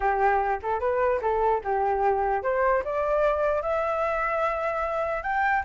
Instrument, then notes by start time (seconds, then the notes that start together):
flute
0.00 G4
0.62 A4
0.80 B4
1.21 A4
1.63 G4
2.43 C5
2.84 D5
3.61 E5
5.23 G5